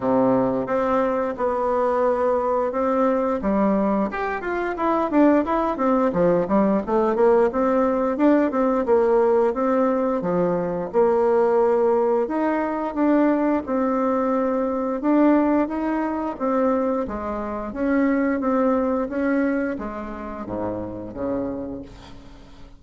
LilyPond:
\new Staff \with { instrumentName = "bassoon" } { \time 4/4 \tempo 4 = 88 c4 c'4 b2 | c'4 g4 g'8 f'8 e'8 d'8 | e'8 c'8 f8 g8 a8 ais8 c'4 | d'8 c'8 ais4 c'4 f4 |
ais2 dis'4 d'4 | c'2 d'4 dis'4 | c'4 gis4 cis'4 c'4 | cis'4 gis4 gis,4 cis4 | }